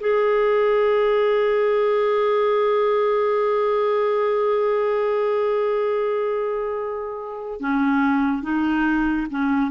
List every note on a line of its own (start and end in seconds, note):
0.00 7.60 G#4
7.60 8.42 C#4
8.42 9.27 D#4
9.30 9.71 C#4